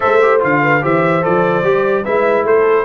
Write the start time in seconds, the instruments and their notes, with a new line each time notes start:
0.00 tuba A3, trombone A4, horn C5, trumpet E5
0.22 trombone G4
0.39 tuba D3, trombone F4, trumpet F5
0.61 horn B4
0.81 tuba E3, trombone G4, horn C5, trumpet E5
1.21 tuba F3, trombone A4, trumpet D5
1.63 tuba G3, trombone G4
2.03 tuba G#3, trombone E4, horn B4, trumpet E5
2.44 tuba A3, horn A4, trumpet C5